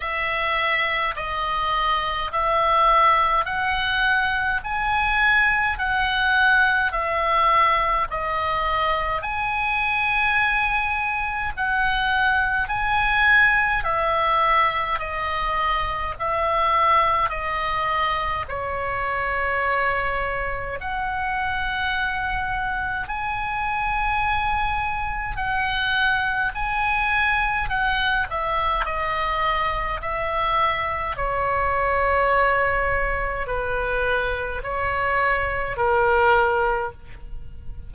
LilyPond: \new Staff \with { instrumentName = "oboe" } { \time 4/4 \tempo 4 = 52 e''4 dis''4 e''4 fis''4 | gis''4 fis''4 e''4 dis''4 | gis''2 fis''4 gis''4 | e''4 dis''4 e''4 dis''4 |
cis''2 fis''2 | gis''2 fis''4 gis''4 | fis''8 e''8 dis''4 e''4 cis''4~ | cis''4 b'4 cis''4 ais'4 | }